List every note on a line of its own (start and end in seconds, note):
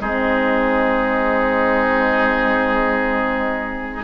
0.00 4.04 G#3
0.00 4.04 C4
0.00 4.04 D#4
0.00 4.04 G#4